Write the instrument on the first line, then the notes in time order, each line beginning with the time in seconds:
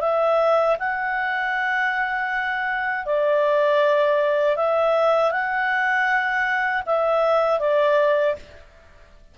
clarinet
0.00 E5
0.79 F#5
3.06 D5
4.56 E5
5.31 F#5
6.86 E5
7.59 D5